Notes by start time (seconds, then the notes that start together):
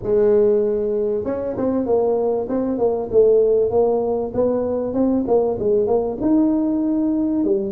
0.02 G#3
1.24 C#4
1.57 C4
1.86 A#3
2.49 C4
2.78 A#3
3.11 A3
3.70 A#3
4.34 B3
4.93 C4
5.27 A#3
5.59 G#3
5.86 A#3
6.21 D#4
7.44 G3